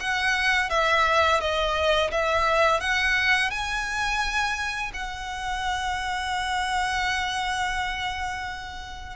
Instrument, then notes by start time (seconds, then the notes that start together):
violin
0.00 F#5
0.70 E5
1.40 D#5
2.11 E5
2.80 F#5
3.50 G#5
4.93 F#5